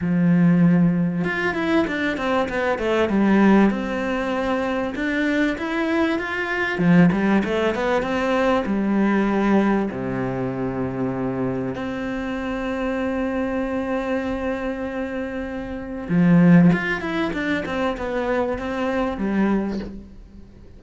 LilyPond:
\new Staff \with { instrumentName = "cello" } { \time 4/4 \tempo 4 = 97 f2 f'8 e'8 d'8 c'8 | b8 a8 g4 c'2 | d'4 e'4 f'4 f8 g8 | a8 b8 c'4 g2 |
c2. c'4~ | c'1~ | c'2 f4 f'8 e'8 | d'8 c'8 b4 c'4 g4 | }